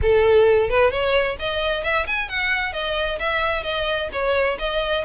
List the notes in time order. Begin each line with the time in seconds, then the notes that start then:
0.01 A4
0.69 B4
0.90 C#5
1.39 D#5
1.83 E5
2.07 G#5
2.28 F#5
2.73 D#5
3.19 E5
3.63 D#5
4.12 C#5
4.58 D#5